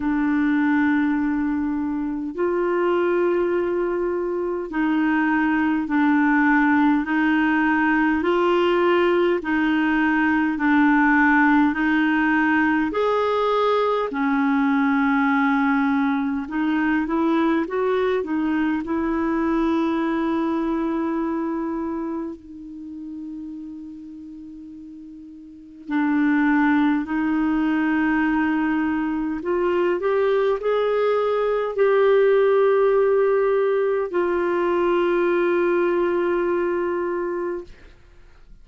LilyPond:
\new Staff \with { instrumentName = "clarinet" } { \time 4/4 \tempo 4 = 51 d'2 f'2 | dis'4 d'4 dis'4 f'4 | dis'4 d'4 dis'4 gis'4 | cis'2 dis'8 e'8 fis'8 dis'8 |
e'2. dis'4~ | dis'2 d'4 dis'4~ | dis'4 f'8 g'8 gis'4 g'4~ | g'4 f'2. | }